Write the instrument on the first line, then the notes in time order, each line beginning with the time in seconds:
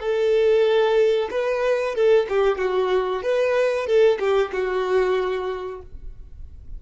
violin
0.00 A4
1.31 B4
1.95 A4
2.29 G4
2.59 F#4
3.23 B4
3.87 A4
4.19 G4
4.52 F#4